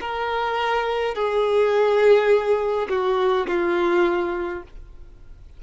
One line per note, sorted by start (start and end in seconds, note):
0.00 1.14 A#4
1.14 2.87 G#4
2.89 3.47 F#4
3.47 4.63 F4